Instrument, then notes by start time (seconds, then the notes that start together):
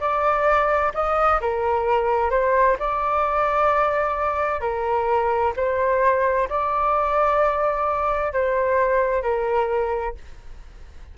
flute
0.00 D5
0.94 D#5
1.41 A#4
2.30 C5
2.79 D5
4.61 A#4
5.56 C5
6.49 D5
8.33 C5
9.22 A#4